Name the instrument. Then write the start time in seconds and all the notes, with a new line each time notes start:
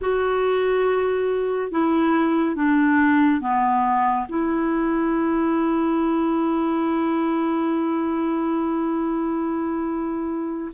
clarinet
0.01 F#4
1.71 E4
2.55 D4
3.41 B3
4.28 E4